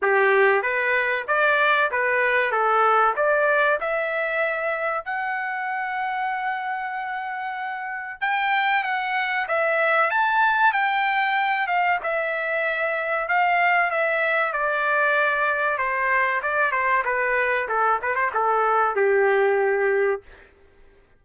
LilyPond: \new Staff \with { instrumentName = "trumpet" } { \time 4/4 \tempo 4 = 95 g'4 b'4 d''4 b'4 | a'4 d''4 e''2 | fis''1~ | fis''4 g''4 fis''4 e''4 |
a''4 g''4. f''8 e''4~ | e''4 f''4 e''4 d''4~ | d''4 c''4 d''8 c''8 b'4 | a'8 b'16 c''16 a'4 g'2 | }